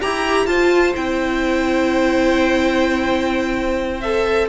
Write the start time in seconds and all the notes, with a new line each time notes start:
0.00 E4 G4 A#5
0.46 F4 C5 A5
0.94 C4 E4 G5
4.00 A4 E5